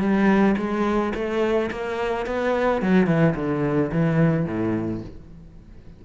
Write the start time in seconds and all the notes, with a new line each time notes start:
0.00 G3
0.57 G#3
1.15 A3
1.71 A#3
2.26 B3
2.82 F#3
3.07 E3
3.36 D3
3.92 E3
4.45 A2